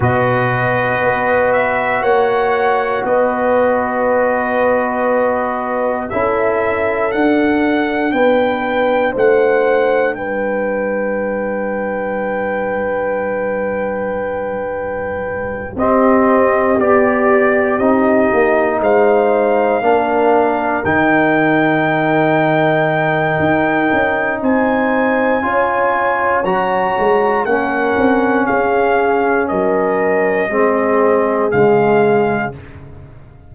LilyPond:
<<
  \new Staff \with { instrumentName = "trumpet" } { \time 4/4 \tempo 4 = 59 dis''4. e''8 fis''4 dis''4~ | dis''2 e''4 fis''4 | g''4 fis''4 g''2~ | g''2.~ g''8 dis''8~ |
dis''8 d''4 dis''4 f''4.~ | f''8 g''2.~ g''8 | gis''2 ais''4 fis''4 | f''4 dis''2 f''4 | }
  \new Staff \with { instrumentName = "horn" } { \time 4/4 b'2 cis''4 b'4~ | b'2 a'2 | b'4 c''4 b'2~ | b'2.~ b'8 g'8~ |
g'2~ g'8 c''4 ais'8~ | ais'1 | c''4 cis''2 ais'4 | gis'4 ais'4 gis'2 | }
  \new Staff \with { instrumentName = "trombone" } { \time 4/4 fis'1~ | fis'2 e'4 d'4~ | d'1~ | d'2.~ d'8 c'8~ |
c'8 g'4 dis'2 d'8~ | d'8 dis'2.~ dis'8~ | dis'4 f'4 fis'4 cis'4~ | cis'2 c'4 gis4 | }
  \new Staff \with { instrumentName = "tuba" } { \time 4/4 b,4 b4 ais4 b4~ | b2 cis'4 d'4 | b4 a4 g2~ | g2.~ g8 c'8~ |
c'8 b4 c'8 ais8 gis4 ais8~ | ais8 dis2~ dis8 dis'8 cis'8 | c'4 cis'4 fis8 gis8 ais8 c'8 | cis'4 fis4 gis4 cis4 | }
>>